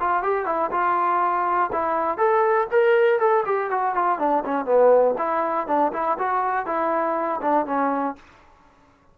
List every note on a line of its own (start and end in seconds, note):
0.00 0.23 F4
0.23 0.46 G4
0.46 0.70 E4
0.71 1.70 F4
1.72 2.18 E4
2.18 2.67 A4
2.71 3.19 A#4
3.19 3.44 A4
3.45 3.70 G4
3.70 3.95 F#4
3.95 4.19 F4
4.19 4.43 D4
4.44 4.65 C#4
4.65 5.15 B3
5.18 5.67 E4
5.67 5.92 D4
5.93 6.17 E4
6.18 6.66 F#4
6.66 7.40 E4
7.41 7.66 D4
7.66 8.15 C#4